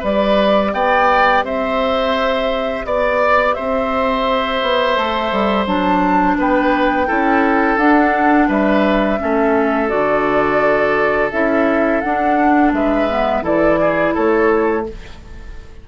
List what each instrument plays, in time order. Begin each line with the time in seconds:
0.00 bassoon G3, clarinet G4, oboe B4, flute D5
0.74 bassoon B3, oboe D5, flute G5
1.43 bassoon C4, oboe C5, flute E5
2.85 bassoon B3, flute D5, oboe D5
3.54 bassoon C4, oboe C5, flute E5
4.62 bassoon B3
4.96 bassoon A3, clarinet A4
5.32 bassoon G3
5.67 bassoon F#3, clarinet D4, flute A5
6.38 bassoon B3, oboe B4, flute G5
7.07 bassoon C#4, clarinet E4, oboe A4
7.77 bassoon D4, clarinet D4, flute F#5
8.48 bassoon G3, oboe B4, flute E5
9.19 bassoon A3, clarinet C#4, oboe A4
9.89 bassoon D3, clarinet F#4, flute D5
11.31 bassoon C#4, clarinet E4, flute E5
12.01 clarinet D4, bassoon D4, flute F#5
12.73 bassoon G#3, oboe B4, flute E5
13.10 clarinet B3
13.42 bassoon E3, clarinet E4, oboe A4, flute D5
13.81 oboe G#4
14.14 bassoon A3, oboe A4, flute C#5